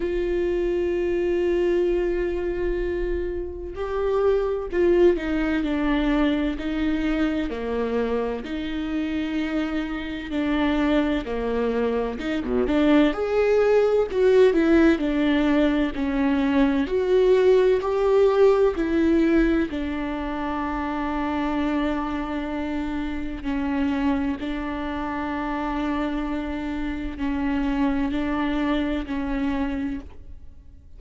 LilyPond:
\new Staff \with { instrumentName = "viola" } { \time 4/4 \tempo 4 = 64 f'1 | g'4 f'8 dis'8 d'4 dis'4 | ais4 dis'2 d'4 | ais4 dis'16 b,16 d'8 gis'4 fis'8 e'8 |
d'4 cis'4 fis'4 g'4 | e'4 d'2.~ | d'4 cis'4 d'2~ | d'4 cis'4 d'4 cis'4 | }